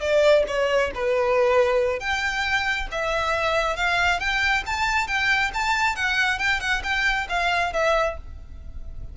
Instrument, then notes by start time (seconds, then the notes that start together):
violin
0.00 D5
0.47 C#5
0.95 B4
2.00 G5
2.91 E5
3.76 F5
4.20 G5
4.66 A5
5.07 G5
5.54 A5
5.96 F#5
6.39 G5
6.60 F#5
6.83 G5
7.29 F5
7.73 E5